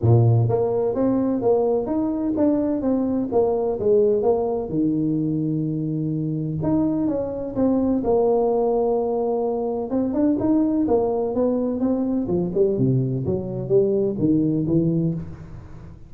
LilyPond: \new Staff \with { instrumentName = "tuba" } { \time 4/4 \tempo 4 = 127 ais,4 ais4 c'4 ais4 | dis'4 d'4 c'4 ais4 | gis4 ais4 dis2~ | dis2 dis'4 cis'4 |
c'4 ais2.~ | ais4 c'8 d'8 dis'4 ais4 | b4 c'4 f8 g8 c4 | fis4 g4 dis4 e4 | }